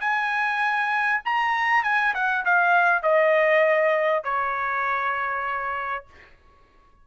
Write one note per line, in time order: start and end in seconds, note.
0.00 1.21 G#5
1.25 1.83 A#5
1.83 2.13 G#5
2.14 2.45 F#5
2.45 3.02 F5
3.02 4.23 D#5
4.23 6.05 C#5